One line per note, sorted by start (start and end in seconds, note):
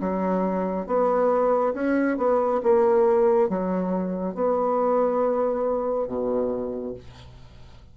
0.00 0.86 F#3
0.86 1.73 B3
1.74 2.17 C#4
2.17 2.60 B3
2.63 3.49 A#3
3.49 4.34 F#3
4.34 6.07 B3
6.07 6.94 B2